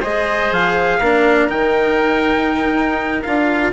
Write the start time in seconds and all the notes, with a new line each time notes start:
0.00 G#3 G#4 C5 D#5
0.52 F3 F5
0.99 A#3 D4 A#4
1.49 D#3 D#4 G5
2.73 D#4
3.23 D4 F4 F5